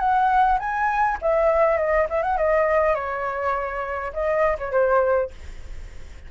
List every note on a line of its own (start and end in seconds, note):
0.00 0.59 F#5
0.60 1.18 G#5
1.22 1.78 E5
1.78 2.07 D#5
2.10 2.23 E5
2.23 2.37 F#5
2.37 2.95 D#5
2.95 4.13 C#5
4.13 4.57 D#5
4.59 4.72 C#5
4.72 5.31 C5